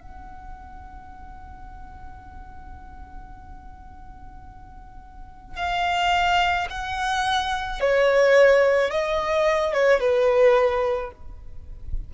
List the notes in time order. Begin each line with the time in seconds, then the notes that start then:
0.00 F#5
5.56 F5
6.70 F#5
7.80 C#5
8.90 D#5
9.73 C#5
10.00 B4